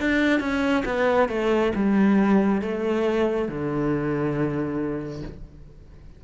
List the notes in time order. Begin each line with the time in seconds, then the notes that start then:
0.00 D4
0.40 C#4
0.85 B3
1.29 A3
1.76 G3
2.62 A3
3.49 D3